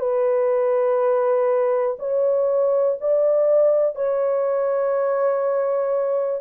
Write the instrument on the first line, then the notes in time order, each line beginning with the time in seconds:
horn
0.00 B4
1.99 C#5
3.01 D5
3.96 C#5